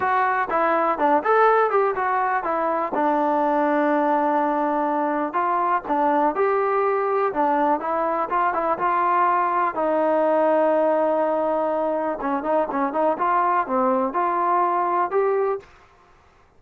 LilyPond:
\new Staff \with { instrumentName = "trombone" } { \time 4/4 \tempo 4 = 123 fis'4 e'4 d'8 a'4 g'8 | fis'4 e'4 d'2~ | d'2. f'4 | d'4 g'2 d'4 |
e'4 f'8 e'8 f'2 | dis'1~ | dis'4 cis'8 dis'8 cis'8 dis'8 f'4 | c'4 f'2 g'4 | }